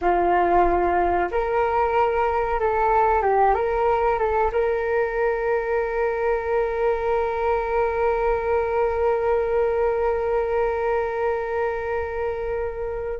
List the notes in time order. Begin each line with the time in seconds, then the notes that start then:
0.01 F4
1.31 A#4
2.60 A4
3.22 G4
3.54 A#4
4.18 A4
4.52 A#4